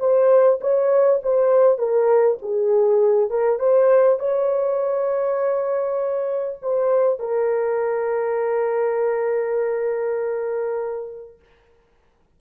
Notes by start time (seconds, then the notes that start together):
0.00 C5
0.61 C#5
1.23 C5
1.79 A#4
2.42 G#4
3.31 A#4
3.60 C5
4.19 C#5
6.62 C5
7.20 A#4